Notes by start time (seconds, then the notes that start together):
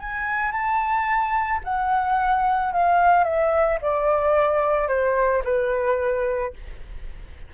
0.00 G#5
0.52 A5
1.64 F#5
2.73 F5
3.25 E5
3.82 D5
4.89 C5
5.45 B4